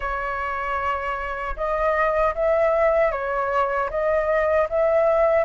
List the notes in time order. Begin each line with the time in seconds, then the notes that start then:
0.00 C#5
1.56 D#5
2.34 E5
3.11 C#5
3.90 D#5
4.69 E5